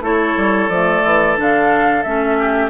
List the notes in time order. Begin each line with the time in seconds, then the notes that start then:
0.00 A3 E4 A4 C#5
0.36 G3
0.68 F3 A3 D5
1.04 E3
1.36 D3 D4 F5
2.02 A3 C#4 E5
2.38 G4